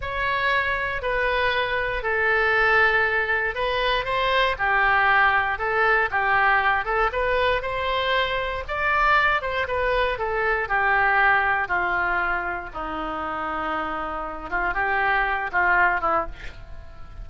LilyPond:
\new Staff \with { instrumentName = "oboe" } { \time 4/4 \tempo 4 = 118 cis''2 b'2 | a'2. b'4 | c''4 g'2 a'4 | g'4. a'8 b'4 c''4~ |
c''4 d''4. c''8 b'4 | a'4 g'2 f'4~ | f'4 dis'2.~ | dis'8 f'8 g'4. f'4 e'8 | }